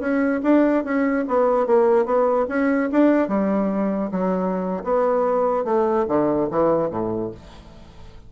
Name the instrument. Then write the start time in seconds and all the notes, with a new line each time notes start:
bassoon
0.00 C#4
0.43 D4
0.84 C#4
1.28 B3
1.66 A#3
2.05 B3
2.49 C#4
2.92 D4
3.28 G3
4.11 F#3
4.84 B3
5.65 A3
6.08 D3
6.51 E3
6.90 A2